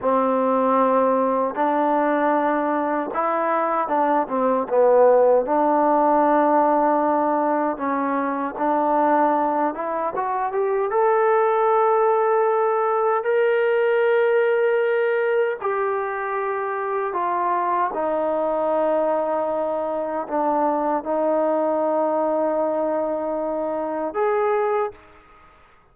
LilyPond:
\new Staff \with { instrumentName = "trombone" } { \time 4/4 \tempo 4 = 77 c'2 d'2 | e'4 d'8 c'8 b4 d'4~ | d'2 cis'4 d'4~ | d'8 e'8 fis'8 g'8 a'2~ |
a'4 ais'2. | g'2 f'4 dis'4~ | dis'2 d'4 dis'4~ | dis'2. gis'4 | }